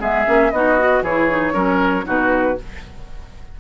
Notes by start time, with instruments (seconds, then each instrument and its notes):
0.00 bassoon G#3, clarinet B3, oboe G#4, flute E5
0.26 bassoon A#3, clarinet C#4
0.52 bassoon B3, clarinet D#4, oboe F#4, flute D#5
0.79 clarinet F#4
1.02 bassoon E3, clarinet E4, oboe G#4, flute C#5
1.30 clarinet D#4
1.53 bassoon F#3, clarinet C#4, oboe A#4
2.04 bassoon B2, clarinet D#4, oboe F#4, flute B4